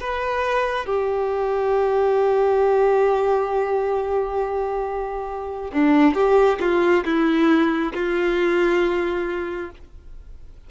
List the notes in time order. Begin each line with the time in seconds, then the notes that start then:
0.00 B4
0.86 G4
5.73 D4
6.14 G4
6.60 F4
7.05 E4
7.94 F4